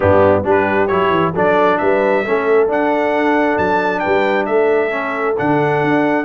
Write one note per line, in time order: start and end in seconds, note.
0.00 0.44 G2
0.00 0.43 B3
0.00 0.44 D4
0.00 0.43 G4
0.43 0.89 G3
0.43 0.88 D4
0.43 1.33 G4
0.50 0.87 B4
0.87 1.10 F#3
0.87 1.34 E4
0.87 1.32 C#5
1.10 1.32 E3
1.33 1.79 F#3
1.33 2.24 D4
1.33 1.78 A4
1.33 1.78 D5
1.78 2.26 G3
1.78 2.23 B4
1.78 2.67 E5
2.23 2.68 A3
2.23 2.68 C#4
2.23 4.01 A4
2.68 4.90 D4
2.68 3.57 D4
2.68 3.58 F#5
3.58 4.03 F#3
3.58 3.99 A5
3.99 4.46 B4
3.99 4.44 G5
4.06 4.47 G3
4.45 5.37 A3
4.45 6.25 A4
4.45 5.35 E5
4.90 5.35 C#4
5.37 5.83 D3
5.37 6.25 D4
5.37 6.25 F#5
5.83 6.25 D4